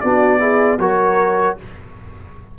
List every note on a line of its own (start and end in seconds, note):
0.00 0.78 B3
0.00 0.39 D4
0.00 0.40 F#4
0.00 0.78 D5
0.39 0.78 E4
0.39 0.79 G#4
0.78 1.56 F#3
0.78 1.58 F#4
0.78 1.58 A#4
0.78 1.57 C#5